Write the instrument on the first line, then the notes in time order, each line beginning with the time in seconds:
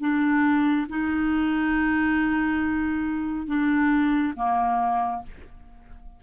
clarinet
0.00 D4
0.89 D#4
3.47 D4
4.36 A#3